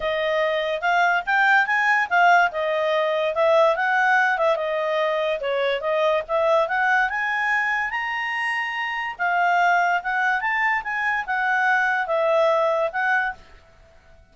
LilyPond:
\new Staff \with { instrumentName = "clarinet" } { \time 4/4 \tempo 4 = 144 dis''2 f''4 g''4 | gis''4 f''4 dis''2 | e''4 fis''4. e''8 dis''4~ | dis''4 cis''4 dis''4 e''4 |
fis''4 gis''2 ais''4~ | ais''2 f''2 | fis''4 a''4 gis''4 fis''4~ | fis''4 e''2 fis''4 | }